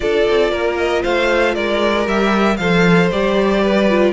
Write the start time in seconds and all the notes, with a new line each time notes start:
0.00 D4 F4 A4 D5
0.29 C4
0.51 A#3 A#4
0.76 D#5
1.02 A3 C5 F5
1.54 G#3 A#4 D5
2.05 G3 G4 E5
2.57 F3 A4 C5 F5
3.11 G3 G4 D5
3.62 B4
3.89 F4